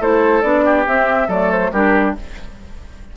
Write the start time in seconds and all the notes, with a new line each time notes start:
0.00 A3 E4 A4 C5
0.41 B3 D4 D5
0.64 G4
0.86 C4 E5
1.28 F#3 A3 A4 D5
1.51 C5
1.71 G3 D4 G4 A#4